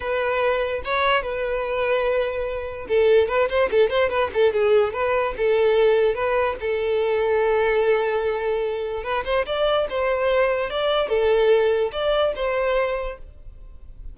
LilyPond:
\new Staff \with { instrumentName = "violin" } { \time 4/4 \tempo 4 = 146 b'2 cis''4 b'4~ | b'2. a'4 | b'8 c''8 a'8 c''8 b'8 a'8 gis'4 | b'4 a'2 b'4 |
a'1~ | a'2 b'8 c''8 d''4 | c''2 d''4 a'4~ | a'4 d''4 c''2 | }